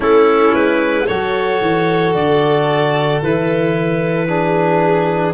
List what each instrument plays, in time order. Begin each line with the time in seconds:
0.00 tuba A3, trombone C#4, violin E4, clarinet A4
0.54 tuba G#3, clarinet B4
1.06 tuba F#3, trombone F#4, violin A4, clarinet C#5
1.61 tuba E3
2.14 tuba D3, clarinet D5
3.22 tuba E3, trombone E4, clarinet B4
4.27 trombone D4, violin G#4